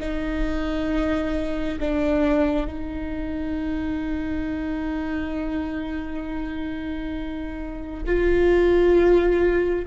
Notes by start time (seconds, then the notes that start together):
0.00 D#4
1.80 D4
2.67 D#4
8.06 F4